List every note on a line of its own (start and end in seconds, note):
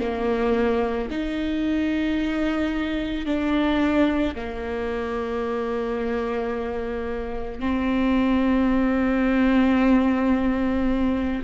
0.00 1.09 A#3
1.11 3.26 D#4
3.26 4.35 D4
4.35 7.60 A#3
7.60 11.42 C4